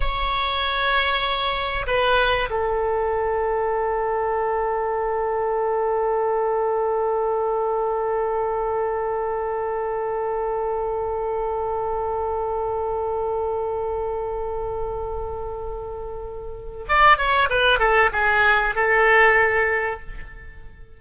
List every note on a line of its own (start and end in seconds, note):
0.00 1.86 C#5
1.86 2.49 B4
2.49 16.87 A4
16.88 17.17 D5
17.17 17.48 C#5
17.49 17.79 B4
17.79 18.10 A4
18.12 18.75 G#4
18.75 20.00 A4